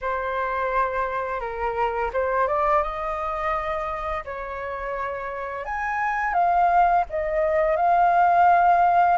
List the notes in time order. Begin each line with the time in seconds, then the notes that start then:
0.01 C5
1.40 A#4
2.13 C5
2.47 D5
2.82 D#5
4.24 C#5
5.65 G#5
6.33 F5
7.09 D#5
7.76 F5